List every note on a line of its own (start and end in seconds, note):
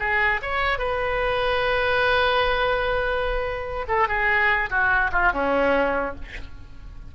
0.00 0.41 G#4
0.42 0.78 C#5
0.78 3.87 B4
3.88 4.08 A4
4.08 4.70 G#4
4.70 5.11 F#4
5.12 5.33 F4
5.33 6.15 C#4